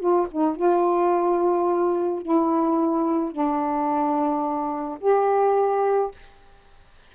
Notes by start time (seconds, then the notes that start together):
0.00 F4
0.32 D#4
0.57 F4
2.22 E4
3.32 D4
5.01 G4